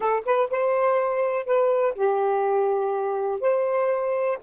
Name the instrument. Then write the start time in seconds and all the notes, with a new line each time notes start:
saxophone
0.00 A4
0.25 B4
0.50 C5
1.45 B4
1.94 G4
3.41 C5